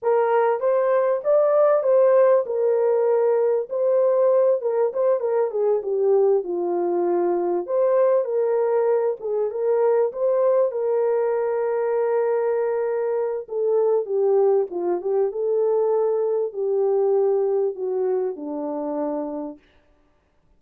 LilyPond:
\new Staff \with { instrumentName = "horn" } { \time 4/4 \tempo 4 = 98 ais'4 c''4 d''4 c''4 | ais'2 c''4. ais'8 | c''8 ais'8 gis'8 g'4 f'4.~ | f'8 c''4 ais'4. gis'8 ais'8~ |
ais'8 c''4 ais'2~ ais'8~ | ais'2 a'4 g'4 | f'8 g'8 a'2 g'4~ | g'4 fis'4 d'2 | }